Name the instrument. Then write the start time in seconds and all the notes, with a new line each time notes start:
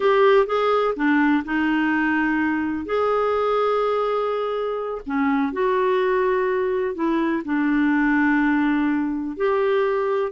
clarinet
0.00 G4
0.46 G#4
0.95 D4
1.44 D#4
2.85 G#4
5.06 C#4
5.52 F#4
6.94 E4
7.44 D4
9.36 G4